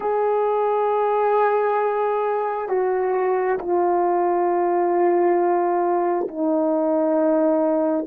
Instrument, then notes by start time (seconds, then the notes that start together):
horn
0.00 G#4
2.68 F#4
3.58 F4
6.28 D#4